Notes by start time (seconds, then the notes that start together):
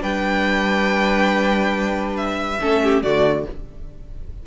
0.00 G3 D4 B4 G5
2.16 E5
2.60 A3 C#4 A4
2.83 G4
3.02 D3 A3 F#4 D5